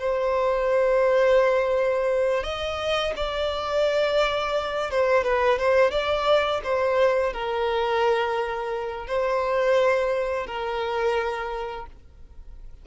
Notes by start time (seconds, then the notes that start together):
0.00 C5
2.44 D#5
3.16 D5
4.91 C5
5.24 B4
5.59 C5
5.91 D5
6.64 C5
7.34 A#4
9.07 C5
10.47 A#4